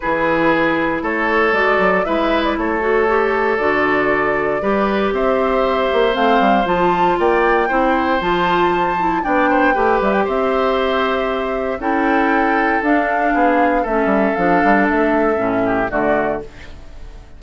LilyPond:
<<
  \new Staff \with { instrumentName = "flute" } { \time 4/4 \tempo 4 = 117 b'2 cis''4 d''4 | e''8. d''16 cis''2 d''4~ | d''2 e''2 | f''4 a''4 g''2 |
a''2 g''4. e''16 g''16 | e''2. g''4~ | g''4 f''2 e''4 | f''4 e''2 d''4 | }
  \new Staff \with { instrumentName = "oboe" } { \time 4/4 gis'2 a'2 | b'4 a'2.~ | a'4 b'4 c''2~ | c''2 d''4 c''4~ |
c''2 d''8 c''8 b'4 | c''2. a'4~ | a'2 gis'4 a'4~ | a'2~ a'8 g'8 fis'4 | }
  \new Staff \with { instrumentName = "clarinet" } { \time 4/4 e'2. fis'4 | e'4. fis'8 g'4 fis'4~ | fis'4 g'2. | c'4 f'2 e'4 |
f'4. e'8 d'4 g'4~ | g'2. e'4~ | e'4 d'2 cis'4 | d'2 cis'4 a4 | }
  \new Staff \with { instrumentName = "bassoon" } { \time 4/4 e2 a4 gis8 fis8 | gis4 a2 d4~ | d4 g4 c'4. ais8 | a8 g8 f4 ais4 c'4 |
f2 b4 a8 g8 | c'2. cis'4~ | cis'4 d'4 b4 a8 g8 | f8 g8 a4 a,4 d4 | }
>>